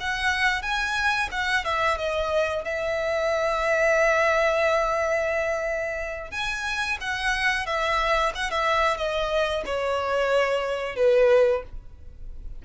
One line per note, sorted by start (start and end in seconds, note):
0.00 0.62 F#5
0.62 1.29 G#5
1.31 1.65 F#5
1.65 1.98 E5
1.98 2.64 D#5
2.65 6.31 E5
6.31 6.98 G#5
7.00 7.66 F#5
7.66 8.33 E5
8.35 8.51 F#5
8.51 8.97 E5
8.97 9.63 D#5
9.65 10.96 C#5
10.96 11.62 B4